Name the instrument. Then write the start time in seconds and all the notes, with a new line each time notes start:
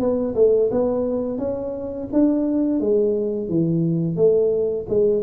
tuba
0.00 B3
0.35 A3
0.71 B3
1.38 C#4
2.13 D4
2.80 G#3
3.49 E3
4.16 A3
4.89 G#3